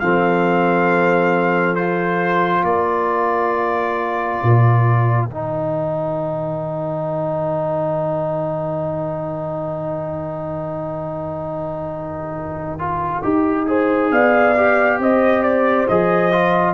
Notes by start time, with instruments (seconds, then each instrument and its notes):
0.00 tuba F3, trombone C4, horn A4, trumpet F5
1.76 trombone F4, trumpet C5
2.63 tuba A#3, horn A#4, trumpet D5
4.43 tuba A#2
5.26 tuba D#3, trombone D#4, trumpet G5
12.79 trombone F4
13.23 tuba D#4, trombone G4
13.67 trombone G#4, horn C5
14.11 tuba B3, horn D5, trumpet F5
14.56 trombone G4
14.99 tuba C4, horn C5, trumpet D#5
15.43 trumpet D5
15.88 tuba F3, trombone G#4, trumpet D#5
16.32 trombone F4